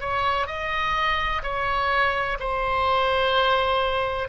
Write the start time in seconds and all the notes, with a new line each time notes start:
0.00 C#5
0.46 D#5
1.42 C#5
2.39 C5